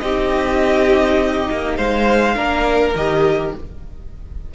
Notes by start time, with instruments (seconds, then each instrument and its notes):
0.00 cello C4, viola D#4, violin G4 D#5
1.51 cello A#3
1.77 cello G#3, violin C5 F5
2.35 cello A#3, viola D4, violin A#4
2.96 cello D#3, viola G4, violin D#5